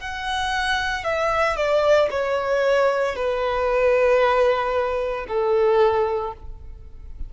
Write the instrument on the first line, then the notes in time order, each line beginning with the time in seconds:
violin
0.00 F#5
1.04 E5
1.56 D5
2.11 C#5
3.16 B4
5.28 A4